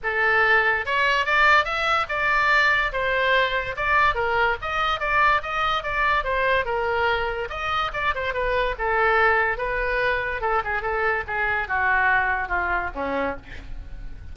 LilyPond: \new Staff \with { instrumentName = "oboe" } { \time 4/4 \tempo 4 = 144 a'2 cis''4 d''4 | e''4 d''2 c''4~ | c''4 d''4 ais'4 dis''4 | d''4 dis''4 d''4 c''4 |
ais'2 dis''4 d''8 c''8 | b'4 a'2 b'4~ | b'4 a'8 gis'8 a'4 gis'4 | fis'2 f'4 cis'4 | }